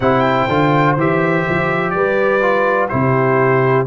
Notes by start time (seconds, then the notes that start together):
0.00 C3 E4 C5 G5
0.48 D3 F4
0.96 E3 G4 E5
1.49 F3
1.90 G3 B4 D5
2.41 F4
2.88 C3 E4 G4 C5